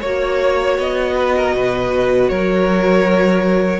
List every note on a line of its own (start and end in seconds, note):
0.00 0.78 A#3
0.00 3.80 F#4
0.00 1.14 C#5
0.00 0.77 C#5
0.78 1.54 B3
0.78 2.28 D#5
1.16 1.35 B4
1.36 1.55 A#4
1.54 2.30 B2
1.54 2.30 B4
2.28 3.80 F#3
2.28 3.80 A#4
2.28 3.80 C#5